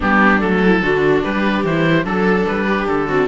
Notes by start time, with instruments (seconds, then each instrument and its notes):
0.00 cello G3, viola B3 D4, oboe G4
0.39 cello F#3, viola A3, oboe A4
0.65 viola E4
0.81 cello D3, viola D4 F#4
1.23 cello G3, viola G4, oboe B4
1.63 cello E3, viola E4, oboe C5
2.04 cello F#3, viola D4 A4, oboe A4
2.47 cello G3, oboe B4
2.67 viola G4
2.87 cello D3, oboe A4
3.07 viola C4 F#4